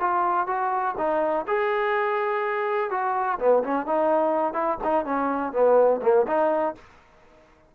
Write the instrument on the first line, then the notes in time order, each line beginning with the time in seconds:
trombone
0.00 F4
0.48 F#4
0.98 D#4
1.48 G#4
2.91 F#4
3.39 B3
3.64 C#4
3.87 D#4
4.54 E4
4.84 D#4
5.06 C#4
5.53 B3
6.02 A#3
6.27 D#4